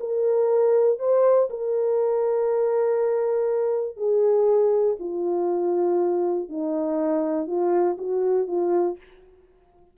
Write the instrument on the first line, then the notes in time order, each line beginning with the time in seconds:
horn
0.00 A#4
0.99 C5
1.50 A#4
3.97 G#4
4.99 F4
6.49 D#4
7.47 F4
7.98 F#4
8.47 F4